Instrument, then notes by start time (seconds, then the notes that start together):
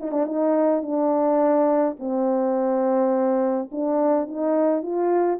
horn
0.00 D#4
0.11 D4
0.26 D#4
0.82 D4
1.99 C4
3.71 D4
4.27 D#4
4.82 F4